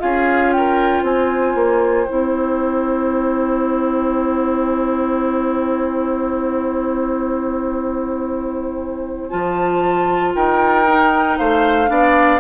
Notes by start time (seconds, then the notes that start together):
0.00 C#4 F4 G#4 F5
0.53 A#4 G5
1.03 C4 C5 G#5
1.55 A#3
2.09 C4 E4 G5
9.30 F3 F4 A5
10.36 D#4 A#4 G5
10.88 D#4
11.39 A3 C5 F5
11.88 B3 D4 D5